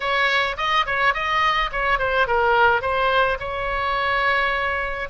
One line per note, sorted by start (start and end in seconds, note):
0.00 0.56 C#5
0.57 0.85 D#5
0.85 1.13 C#5
1.13 1.70 D#5
1.72 1.98 C#5
1.98 2.27 C5
2.27 2.81 A#4
2.81 3.38 C5
3.39 5.09 C#5